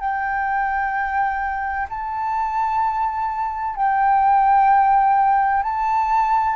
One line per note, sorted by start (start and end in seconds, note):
0.00 1.87 G5
1.90 3.76 A5
3.76 5.63 G5
5.63 6.56 A5